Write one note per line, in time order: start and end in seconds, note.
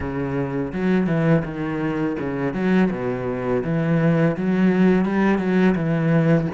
0.00 0.72 C#3
0.72 1.06 F#3
1.06 1.43 E3
1.44 2.17 D#3
2.19 2.53 C#3
2.53 2.89 F#3
2.90 3.63 B2
3.63 4.36 E3
4.36 5.05 F#3
5.05 5.38 G3
5.38 5.74 F#3
5.75 6.47 E3